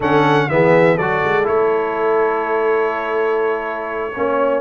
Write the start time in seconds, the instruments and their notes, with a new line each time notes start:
0.00 tuba D3, trombone C#4, horn A4, trumpet F#5
0.49 tuba E3, trombone B3, horn G#4, trumpet E5
0.95 tuba F#3, trombone F#4, horn A4, trumpet D5
1.23 tuba G#3
1.43 tuba A3, trombone E4, trumpet C#5
4.15 tuba A#3, trombone C#4, horn C#5